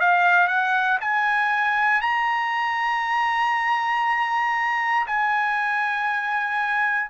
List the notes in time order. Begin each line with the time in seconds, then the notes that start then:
0.00 F5
0.48 F#5
1.01 G#5
2.02 A#5
5.07 G#5